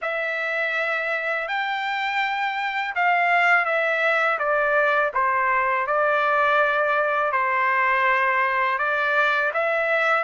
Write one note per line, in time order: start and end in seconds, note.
0.01 1.48 E5
1.48 2.94 G5
2.95 3.65 F5
3.65 4.38 E5
4.38 5.12 D5
5.13 5.86 C5
5.86 7.32 D5
7.32 8.78 C5
8.78 9.51 D5
9.53 10.23 E5